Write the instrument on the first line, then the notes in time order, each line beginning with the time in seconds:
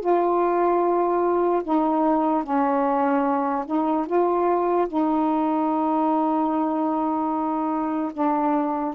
saxophone
0.00 F4
1.63 D#4
2.43 C#4
3.66 D#4
4.06 F4
4.88 D#4
8.13 D4